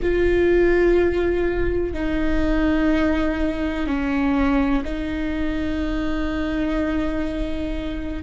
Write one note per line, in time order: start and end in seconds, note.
0.02 1.94 F4
1.94 3.86 D#4
3.86 4.83 C#4
4.84 8.23 D#4